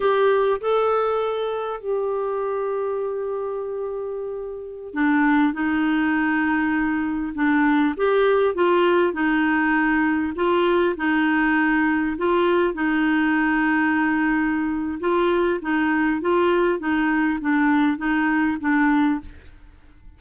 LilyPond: \new Staff \with { instrumentName = "clarinet" } { \time 4/4 \tempo 4 = 100 g'4 a'2 g'4~ | g'1~ | g'16 d'4 dis'2~ dis'8.~ | dis'16 d'4 g'4 f'4 dis'8.~ |
dis'4~ dis'16 f'4 dis'4.~ dis'16~ | dis'16 f'4 dis'2~ dis'8.~ | dis'4 f'4 dis'4 f'4 | dis'4 d'4 dis'4 d'4 | }